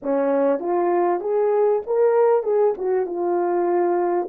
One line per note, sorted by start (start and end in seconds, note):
0.02 0.59 C#4
0.59 1.20 F4
1.20 1.81 G#4
1.86 2.43 A#4
2.43 2.74 G#4
2.77 3.06 F#4
3.06 4.28 F4